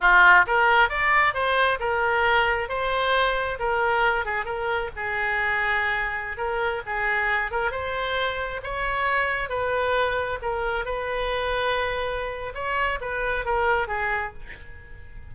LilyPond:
\new Staff \with { instrumentName = "oboe" } { \time 4/4 \tempo 4 = 134 f'4 ais'4 d''4 c''4 | ais'2 c''2 | ais'4. gis'8 ais'4 gis'4~ | gis'2~ gis'16 ais'4 gis'8.~ |
gis'8. ais'8 c''2 cis''8.~ | cis''4~ cis''16 b'2 ais'8.~ | ais'16 b'2.~ b'8. | cis''4 b'4 ais'4 gis'4 | }